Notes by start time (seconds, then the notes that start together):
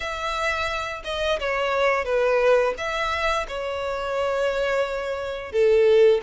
0.00 E5
1.04 D#5
1.39 C#5
2.05 B4
2.77 E5
3.48 C#5
5.51 A4